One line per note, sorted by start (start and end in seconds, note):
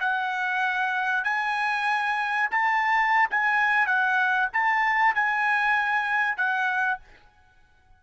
0.00 1.24 F#5
1.24 2.49 G#5
2.51 3.29 A5
3.31 3.87 G#5
3.87 4.49 F#5
4.53 5.15 A5
5.15 6.37 G#5
6.37 6.99 F#5